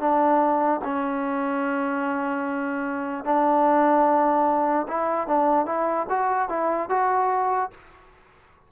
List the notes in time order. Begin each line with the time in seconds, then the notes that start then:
0.00 D4
0.84 C#4
3.25 D4
4.88 E4
5.28 D4
5.66 E4
6.10 F#4
6.49 E4
6.90 F#4